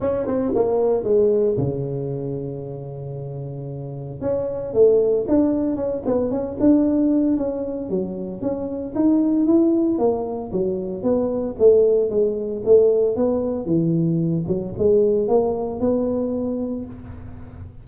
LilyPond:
\new Staff \with { instrumentName = "tuba" } { \time 4/4 \tempo 4 = 114 cis'8 c'8 ais4 gis4 cis4~ | cis1 | cis'4 a4 d'4 cis'8 b8 | cis'8 d'4. cis'4 fis4 |
cis'4 dis'4 e'4 ais4 | fis4 b4 a4 gis4 | a4 b4 e4. fis8 | gis4 ais4 b2 | }